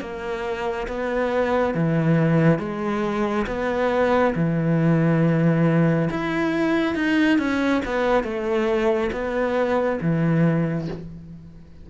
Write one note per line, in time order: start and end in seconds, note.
0.00 0.87 A#3
0.87 1.74 B3
1.74 2.58 E3
2.58 3.45 G#3
3.47 4.34 B3
4.35 6.09 E3
6.10 6.95 E4
6.95 7.38 D#4
7.38 7.81 C#4
7.85 8.23 B3
8.23 9.10 A3
9.12 9.99 B3
10.01 10.88 E3